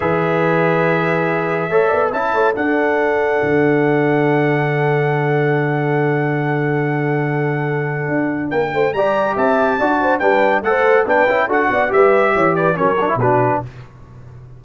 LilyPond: <<
  \new Staff \with { instrumentName = "trumpet" } { \time 4/4 \tempo 4 = 141 e''1~ | e''4 a''4 fis''2~ | fis''1~ | fis''1~ |
fis''1 | g''4 ais''4 a''2 | g''4 fis''4 g''4 fis''4 | e''4. d''8 cis''4 b'4 | }
  \new Staff \with { instrumentName = "horn" } { \time 4/4 b'1 | cis''8 d''8 e''8 cis''8 a'2~ | a'1~ | a'1~ |
a'1 | ais'8 c''8 d''4 e''4 d''8 c''8 | b'4 c''4 b'4 a'8 d''8 | b'4 cis''8 b'8 ais'4 fis'4 | }
  \new Staff \with { instrumentName = "trombone" } { \time 4/4 gis'1 | a'4 e'4 d'2~ | d'1~ | d'1~ |
d'1~ | d'4 g'2 fis'4 | d'4 a'4 d'8 e'8 fis'4 | g'2 cis'8 d'16 e'16 d'4 | }
  \new Staff \with { instrumentName = "tuba" } { \time 4/4 e1 | a8 b8 cis'8 a8 d'2 | d1~ | d1~ |
d2. d'4 | ais8 a8 g4 c'4 d'4 | g4 a4 b8 cis'8 d'8 b8 | g4 e4 fis4 b,4 | }
>>